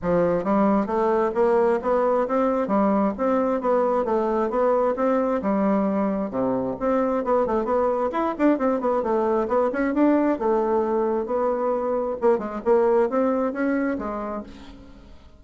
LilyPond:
\new Staff \with { instrumentName = "bassoon" } { \time 4/4 \tempo 4 = 133 f4 g4 a4 ais4 | b4 c'4 g4 c'4 | b4 a4 b4 c'4 | g2 c4 c'4 |
b8 a8 b4 e'8 d'8 c'8 b8 | a4 b8 cis'8 d'4 a4~ | a4 b2 ais8 gis8 | ais4 c'4 cis'4 gis4 | }